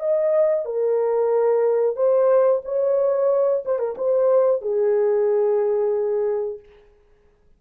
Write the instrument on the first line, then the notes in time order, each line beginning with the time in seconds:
horn
0.00 D#5
0.66 A#4
1.96 C5
2.65 C#5
3.65 C5
3.79 A#4
3.98 C5
4.62 G#4